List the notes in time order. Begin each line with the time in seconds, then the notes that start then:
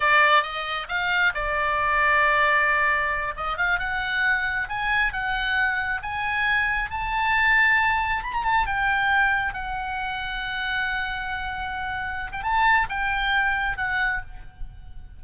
0.00 D5
0.42 D#5
0.88 F5
1.34 D5
3.36 D#5
3.57 F5
3.79 F#5
4.68 G#5
5.12 F#5
6.02 G#5
6.90 A5
8.23 B5
8.33 A#5
8.44 A5
8.66 G5
9.53 F#5
12.32 G5
12.43 A5
12.89 G5
13.77 F#5